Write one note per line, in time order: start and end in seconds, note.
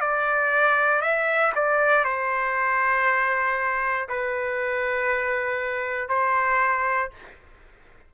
0.00 1.01 D5
1.01 1.52 E5
1.55 2.04 D5
2.04 4.08 C5
4.08 6.08 B4
6.08 7.10 C5